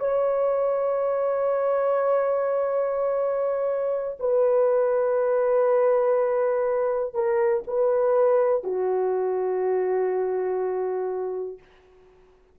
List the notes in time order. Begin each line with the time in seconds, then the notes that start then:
0.00 C#5
4.20 B4
7.14 A#4
7.68 B4
8.64 F#4